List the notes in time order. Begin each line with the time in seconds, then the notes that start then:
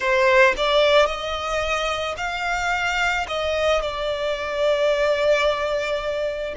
0.00 C5
0.57 D5
1.06 D#5
2.17 F5
3.28 D#5
3.81 D5